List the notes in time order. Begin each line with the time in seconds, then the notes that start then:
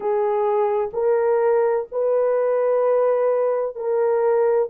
0.00 G#4
0.93 A#4
1.91 B4
3.75 A#4